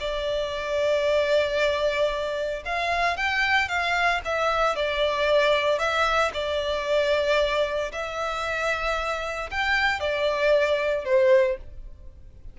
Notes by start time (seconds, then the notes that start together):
0.00 D5
2.65 F5
3.16 G5
3.68 F5
4.25 E5
4.76 D5
5.78 E5
6.33 D5
7.92 E5
9.50 G5
10.00 D5
11.04 C5